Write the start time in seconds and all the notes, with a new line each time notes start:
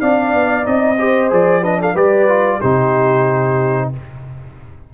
0.00 C4 D4 D5 F5
0.33 B3
0.63 C4 D#4 D#5
0.98 G4 C5
1.30 F3 G#4 D5
1.62 D4 B4 D#5
1.80 A4 F5
1.94 G3 G4 B4 D5
2.28 F4
2.59 C3 D#4 G4 C5